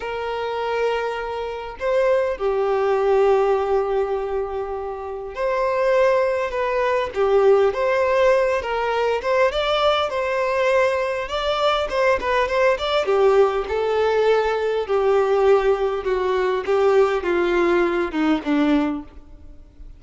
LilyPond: \new Staff \with { instrumentName = "violin" } { \time 4/4 \tempo 4 = 101 ais'2. c''4 | g'1~ | g'4 c''2 b'4 | g'4 c''4. ais'4 c''8 |
d''4 c''2 d''4 | c''8 b'8 c''8 d''8 g'4 a'4~ | a'4 g'2 fis'4 | g'4 f'4. dis'8 d'4 | }